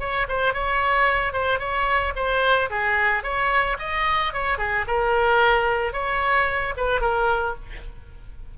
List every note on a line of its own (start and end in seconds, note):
0.00 0.27 C#5
0.29 0.54 C5
0.54 1.33 C#5
1.33 1.59 C5
1.59 2.14 C#5
2.16 2.70 C5
2.70 3.23 G#4
3.23 3.77 C#5
3.79 4.33 D#5
4.34 4.58 C#5
4.58 4.86 G#4
4.87 5.93 A#4
5.93 6.74 C#5
6.77 7.01 B4
7.01 7.55 A#4